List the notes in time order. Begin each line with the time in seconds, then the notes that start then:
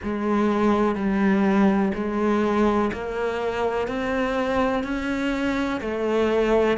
0.03 G#3
0.95 G3
1.94 G#3
2.93 A#3
3.87 C4
4.83 C#4
5.80 A3